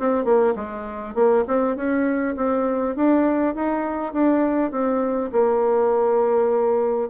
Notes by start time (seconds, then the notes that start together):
0.00 C4
0.25 A#3
0.56 G#3
1.15 A#3
1.48 C4
1.76 C#4
2.37 C4
2.96 D4
3.55 D#4
4.13 D4
4.72 C4
5.33 A#3